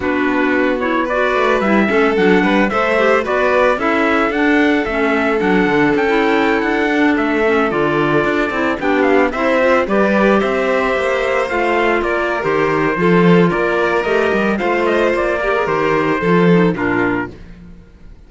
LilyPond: <<
  \new Staff \with { instrumentName = "trumpet" } { \time 4/4 \tempo 4 = 111 b'4. cis''8 d''4 e''4 | fis''4 e''4 d''4 e''4 | fis''4 e''4 fis''4 g''4~ | g''16 fis''4 e''4 d''4.~ d''16~ |
d''16 g''8 f''8 e''4 d''4 e''8.~ | e''4~ e''16 f''4 d''8. c''4~ | c''4 d''4 dis''4 f''8 dis''8 | d''4 c''2 ais'4 | }
  \new Staff \with { instrumentName = "violin" } { \time 4/4 fis'2 b'4. a'8~ | a'8 b'8 c''4 b'4 a'4~ | a'1~ | a'1~ |
a'16 g'4 c''4 b'4 c''8.~ | c''2~ c''16 ais'4.~ ais'16 | a'4 ais'2 c''4~ | c''8 ais'4. a'4 f'4 | }
  \new Staff \with { instrumentName = "clarinet" } { \time 4/4 d'4. e'8 fis'4 e'8 cis'8 | d'4 a'8 g'8 fis'4 e'4 | d'4 cis'4 d'4~ d'16 e'8.~ | e'8. d'4 cis'8 f'4. e'16~ |
e'16 d'4 e'8 f'8 g'4.~ g'16~ | g'4~ g'16 f'4.~ f'16 g'4 | f'2 g'4 f'4~ | f'8 g'16 gis'16 g'4 f'8 dis'8 d'4 | }
  \new Staff \with { instrumentName = "cello" } { \time 4/4 b2~ b8 a8 g8 a8 | fis8 g8 a4 b4 cis'4 | d'4 a4 fis8 d8 cis'4~ | cis'16 d'4 a4 d4 d'8 c'16~ |
c'16 b4 c'4 g4 c'8.~ | c'16 ais4 a4 ais8. dis4 | f4 ais4 a8 g8 a4 | ais4 dis4 f4 ais,4 | }
>>